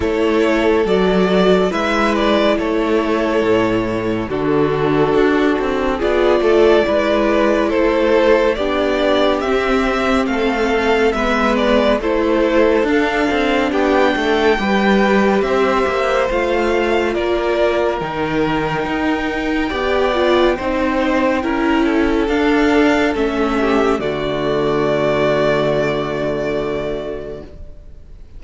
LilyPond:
<<
  \new Staff \with { instrumentName = "violin" } { \time 4/4 \tempo 4 = 70 cis''4 d''4 e''8 d''8 cis''4~ | cis''4 a'2 d''4~ | d''4 c''4 d''4 e''4 | f''4 e''8 d''8 c''4 f''4 |
g''2 e''4 f''4 | d''4 g''2.~ | g''2 f''4 e''4 | d''1 | }
  \new Staff \with { instrumentName = "violin" } { \time 4/4 a'2 b'4 a'4~ | a'4 fis'2 gis'8 a'8 | b'4 a'4 g'2 | a'4 b'4 a'2 |
g'8 a'8 b'4 c''2 | ais'2. d''4 | c''4 ais'8 a'2 g'8 | fis'1 | }
  \new Staff \with { instrumentName = "viola" } { \time 4/4 e'4 fis'4 e'2~ | e'4 d'2 f'4 | e'2 d'4 c'4~ | c'4 b4 e'4 d'4~ |
d'4 g'2 f'4~ | f'4 dis'2 g'8 f'8 | dis'4 e'4 d'4 cis'4 | a1 | }
  \new Staff \with { instrumentName = "cello" } { \time 4/4 a4 fis4 gis4 a4 | a,4 d4 d'8 c'8 b8 a8 | gis4 a4 b4 c'4 | a4 gis4 a4 d'8 c'8 |
b8 a8 g4 c'8 ais8 a4 | ais4 dis4 dis'4 b4 | c'4 cis'4 d'4 a4 | d1 | }
>>